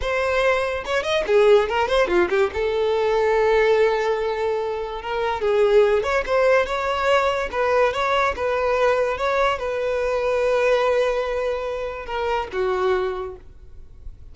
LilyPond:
\new Staff \with { instrumentName = "violin" } { \time 4/4 \tempo 4 = 144 c''2 cis''8 dis''8 gis'4 | ais'8 c''8 f'8 g'8 a'2~ | a'1 | ais'4 gis'4. cis''8 c''4 |
cis''2 b'4 cis''4 | b'2 cis''4 b'4~ | b'1~ | b'4 ais'4 fis'2 | }